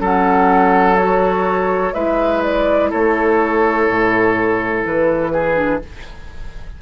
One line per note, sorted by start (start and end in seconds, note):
0.00 1.94 F#3
0.00 0.97 C#4
0.00 1.94 A4
0.00 0.97 F#5
0.97 1.94 F#4
0.97 1.93 C#5
1.93 2.92 G#3
1.93 5.55 E4
1.93 2.90 B4
1.93 2.42 E5
2.43 2.91 D5
2.90 3.88 A3
2.90 5.32 A4
2.90 4.85 C#5
3.88 4.84 A2
4.85 5.82 E3
4.85 5.82 B4
5.32 5.81 G#4
5.55 5.79 D4